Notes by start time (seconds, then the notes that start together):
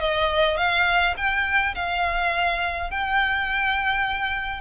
0.00 D#5
0.57 F5
1.17 G5
1.75 F5
2.91 G5